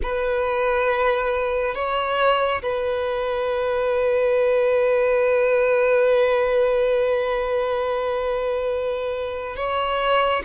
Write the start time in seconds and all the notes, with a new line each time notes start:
0.02 B4
1.74 C#5
2.62 B4
9.56 C#5